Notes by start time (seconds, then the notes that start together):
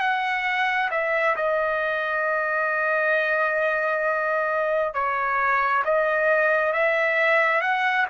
0.00 F#5
0.91 E5
1.36 D#5
4.94 C#5
5.85 D#5
6.73 E5
7.61 F#5